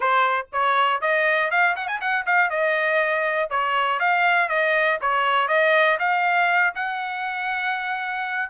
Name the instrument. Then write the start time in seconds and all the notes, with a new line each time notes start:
trumpet
0.00 C5
0.52 C#5
1.01 D#5
1.50 F5
1.75 F#5
1.87 G#5
2.00 F#5
2.26 F5
2.50 D#5
3.50 C#5
3.99 F5
4.48 D#5
5.01 C#5
5.47 D#5
5.99 F5
6.75 F#5